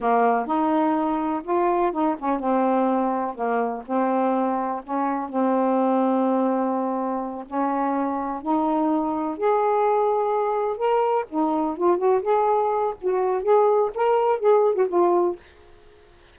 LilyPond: \new Staff \with { instrumentName = "saxophone" } { \time 4/4 \tempo 4 = 125 ais4 dis'2 f'4 | dis'8 cis'8 c'2 ais4 | c'2 cis'4 c'4~ | c'2.~ c'8 cis'8~ |
cis'4. dis'2 gis'8~ | gis'2~ gis'8 ais'4 dis'8~ | dis'8 f'8 fis'8 gis'4. fis'4 | gis'4 ais'4 gis'8. fis'16 f'4 | }